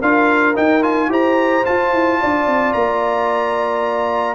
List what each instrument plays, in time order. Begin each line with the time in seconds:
0.00 tuba D4, trombone F4, horn A#4, trumpet F5
0.55 trombone D#4, tuba D#4, trumpet G5
0.82 trombone F4, trumpet G#5
1.09 tuba E4, trombone G4, horn C5, trumpet A#5
1.65 trombone F4, tuba F4, trumpet A5
1.94 tuba E4
2.20 tuba D4, horn D5
2.47 tuba C4
2.73 tuba A#3, trumpet A#5